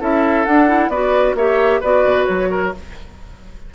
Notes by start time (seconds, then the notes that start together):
0.00 C#4 E4 A4 E5
0.45 D4 F#5
0.68 E4
0.89 B3 F#4 B4 D5
1.35 A#3 G4 C#5 E5
1.80 B3 F#4 B4 D5
2.04 B2
2.25 F#3 C#5
2.51 A#4